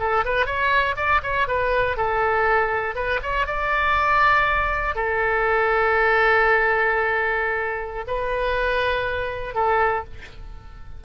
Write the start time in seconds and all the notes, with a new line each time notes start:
0.00 A4
0.25 B4
0.46 C#5
0.97 D5
1.23 C#5
1.48 B4
1.97 A4
2.95 B4
3.23 C#5
3.47 D5
4.95 A4
8.07 B4
9.55 A4